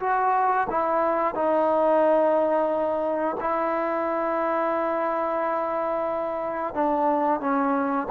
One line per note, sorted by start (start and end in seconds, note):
0.00 0.67 F#4
0.70 1.35 E4
1.35 3.37 D#4
3.40 6.74 E4
6.74 7.40 D4
7.40 8.07 C#4